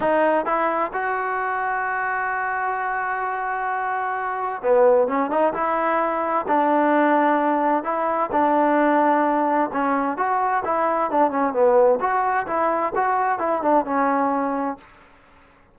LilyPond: \new Staff \with { instrumentName = "trombone" } { \time 4/4 \tempo 4 = 130 dis'4 e'4 fis'2~ | fis'1~ | fis'2 b4 cis'8 dis'8 | e'2 d'2~ |
d'4 e'4 d'2~ | d'4 cis'4 fis'4 e'4 | d'8 cis'8 b4 fis'4 e'4 | fis'4 e'8 d'8 cis'2 | }